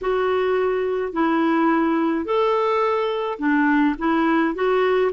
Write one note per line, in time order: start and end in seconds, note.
0.01 1.12 F#4
1.12 2.25 E4
2.25 3.38 A4
3.39 3.95 D4
3.98 4.54 E4
4.54 5.11 F#4